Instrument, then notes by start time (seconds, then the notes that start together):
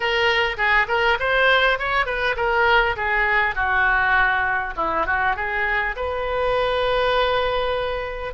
oboe
0.00 A#4
0.57 G#4
0.88 A#4
1.19 C5
1.78 C#5
2.06 B4
2.36 A#4
2.96 G#4
3.55 F#4
4.76 E4
5.06 F#4
5.36 G#4
5.95 B4